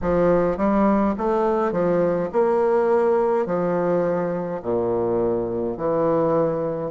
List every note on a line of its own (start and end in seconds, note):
0.01 0.57 F3
0.57 1.14 G3
1.17 1.72 A3
1.72 2.29 F3
2.32 3.46 A#3
3.46 4.61 F3
4.62 5.77 A#2
5.77 6.91 E3